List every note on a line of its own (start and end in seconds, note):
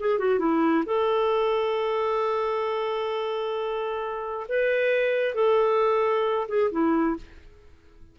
0.00 0.19 G#4
0.19 0.39 F#4
0.39 0.84 E4
0.86 4.47 A4
4.49 5.35 B4
5.35 6.48 A4
6.48 6.71 G#4
6.72 7.17 E4